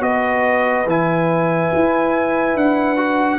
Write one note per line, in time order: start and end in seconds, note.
0.00 0.85 B3
0.00 0.85 F#4
0.00 3.39 B4
0.00 0.87 D#5
0.86 1.70 E3
0.86 2.96 E4
0.86 2.57 G#5
1.74 2.55 E4
2.55 3.39 D4
2.55 3.39 F#5
2.96 3.38 F#4